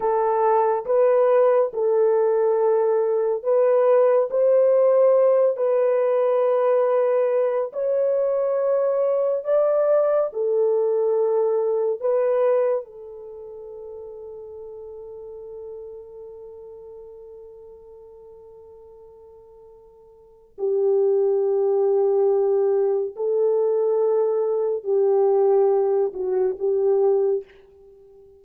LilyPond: \new Staff \with { instrumentName = "horn" } { \time 4/4 \tempo 4 = 70 a'4 b'4 a'2 | b'4 c''4. b'4.~ | b'4 cis''2 d''4 | a'2 b'4 a'4~ |
a'1~ | a'1 | g'2. a'4~ | a'4 g'4. fis'8 g'4 | }